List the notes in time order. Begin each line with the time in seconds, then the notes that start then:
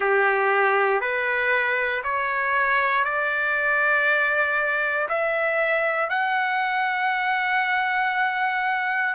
0.00 G4
1.00 B4
2.03 C#5
3.04 D5
5.08 E5
6.09 F#5